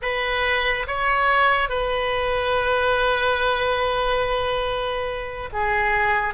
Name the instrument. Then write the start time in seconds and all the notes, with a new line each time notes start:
oboe
0.02 B4
0.87 C#5
1.69 B4
5.52 G#4